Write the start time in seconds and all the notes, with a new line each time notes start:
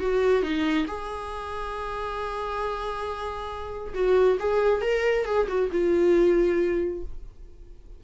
0.00 F#4
0.43 D#4
0.87 G#4
3.94 F#4
4.40 G#4
4.82 A#4
5.26 G#4
5.48 F#4
5.72 F4